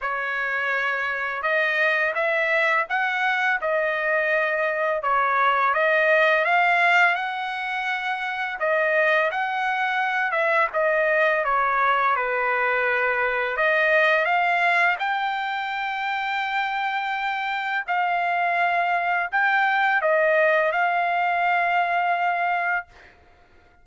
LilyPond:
\new Staff \with { instrumentName = "trumpet" } { \time 4/4 \tempo 4 = 84 cis''2 dis''4 e''4 | fis''4 dis''2 cis''4 | dis''4 f''4 fis''2 | dis''4 fis''4. e''8 dis''4 |
cis''4 b'2 dis''4 | f''4 g''2.~ | g''4 f''2 g''4 | dis''4 f''2. | }